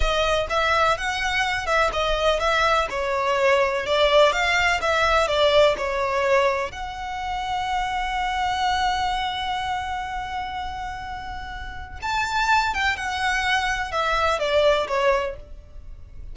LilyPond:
\new Staff \with { instrumentName = "violin" } { \time 4/4 \tempo 4 = 125 dis''4 e''4 fis''4. e''8 | dis''4 e''4 cis''2 | d''4 f''4 e''4 d''4 | cis''2 fis''2~ |
fis''1~ | fis''1~ | fis''4 a''4. g''8 fis''4~ | fis''4 e''4 d''4 cis''4 | }